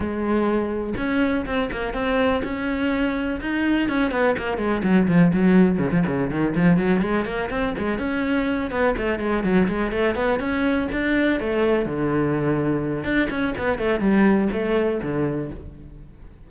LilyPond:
\new Staff \with { instrumentName = "cello" } { \time 4/4 \tempo 4 = 124 gis2 cis'4 c'8 ais8 | c'4 cis'2 dis'4 | cis'8 b8 ais8 gis8 fis8 f8 fis4 | cis16 f16 cis8 dis8 f8 fis8 gis8 ais8 c'8 |
gis8 cis'4. b8 a8 gis8 fis8 | gis8 a8 b8 cis'4 d'4 a8~ | a8 d2~ d8 d'8 cis'8 | b8 a8 g4 a4 d4 | }